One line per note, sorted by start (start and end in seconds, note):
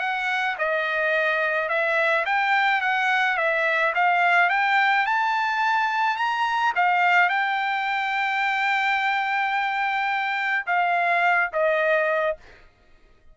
0.00 0.56 F#5
0.59 1.69 D#5
1.69 2.25 E5
2.26 2.81 G5
2.81 3.37 F#5
3.37 3.94 E5
3.95 4.50 F5
4.50 5.06 G5
5.06 6.17 A5
6.17 6.73 A#5
6.76 7.29 F5
7.29 10.66 G5
10.66 11.51 F5
11.53 12.37 D#5